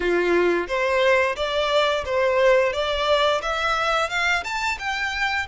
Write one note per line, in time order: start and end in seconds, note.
0.00 0.67 F4
0.67 1.35 C5
1.36 2.04 D5
2.05 2.73 C5
2.73 3.41 D5
3.42 4.09 E5
4.09 4.43 F5
4.43 4.78 A5
4.78 5.46 G5